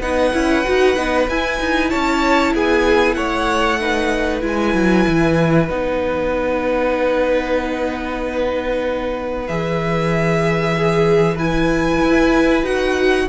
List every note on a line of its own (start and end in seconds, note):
0.00 0.32 B3
0.00 0.33 D#4
0.00 1.90 B4
0.00 1.29 F#5
0.33 0.65 C#4
0.33 0.64 E4
0.64 0.96 D#4
0.64 0.96 F#4
0.96 1.28 B3
0.96 1.27 D#4
1.28 1.60 E4
1.28 3.80 E4
1.28 1.90 G#5
1.60 1.91 D#4
1.90 2.54 C#4
1.90 2.53 C#5
1.90 2.53 A5
2.54 3.17 B3
2.54 3.17 G#4
2.54 3.14 G#5
3.14 4.42 A3
3.14 3.80 C#5
3.14 4.40 F#5
3.80 4.41 D#4
3.80 10.75 B4
4.41 4.74 G#3
4.41 5.67 E4
4.41 5.69 G#5
4.74 5.05 F#3
5.07 5.69 E3
5.69 9.48 B3
5.69 9.48 D#4
5.69 9.47 F#5
9.47 12.01 E3
9.47 11.38 G#4
9.47 11.37 E5
10.76 11.35 G#4
11.35 12.64 E4
11.35 13.25 B4
11.35 12.65 G#5
12.01 12.63 E4
12.63 13.26 D#4
12.63 13.27 F#4
12.63 13.28 F#5